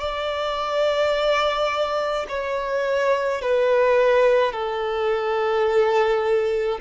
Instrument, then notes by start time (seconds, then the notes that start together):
violin
0.00 D5
2.29 C#5
3.42 B4
4.53 A4